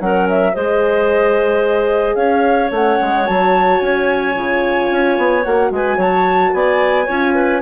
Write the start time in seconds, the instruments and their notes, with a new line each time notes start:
0.00 bassoon F#3, horn C#4, clarinet A#4, flute F#5
0.30 flute E5
0.54 bassoon G#3, horn G#4, clarinet C5, flute D#5
2.16 bassoon C#4, clarinet C#5, flute F5
2.71 bassoon A3, horn C#4, flute F#5
3.01 bassoon G#3
3.26 bassoon F#3, horn F#4, flute A5
3.81 bassoon C#4, flute G#5
4.35 bassoon C#3, horn F4
4.91 bassoon C#4
5.18 bassoon B3
5.44 bassoon A#3, horn F#4, flute F#5
5.71 bassoon G#3, clarinet B4, flute G#5
5.98 bassoon F#3, clarinet C#5, flute A5
6.54 bassoon B3, clarinet D5, flute G#5
7.06 bassoon C#4, horn F4, clarinet C#5
7.35 clarinet B4